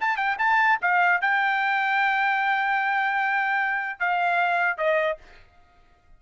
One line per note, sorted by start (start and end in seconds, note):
0.00 0.16 A5
0.16 0.36 G5
0.38 0.78 A5
0.81 1.21 F5
1.21 3.99 G5
3.99 4.77 F5
4.77 5.17 D#5